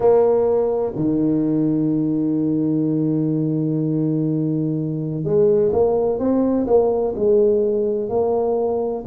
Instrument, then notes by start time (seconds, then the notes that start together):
tuba
0.00 A#3
0.95 D#3
5.24 G#3
5.72 A#3
6.18 C4
6.66 A#3
7.15 G#3
8.09 A#3